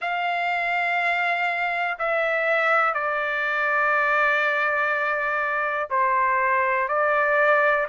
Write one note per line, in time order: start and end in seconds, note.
0.01 1.98 F5
1.99 2.93 E5
2.93 5.88 D5
5.90 6.88 C5
6.88 7.86 D5